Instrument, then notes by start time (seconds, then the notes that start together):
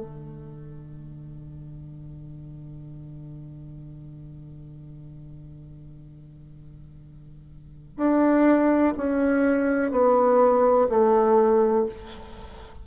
bassoon
0.00 D3
7.97 D4
8.97 C#4
9.91 B3
10.89 A3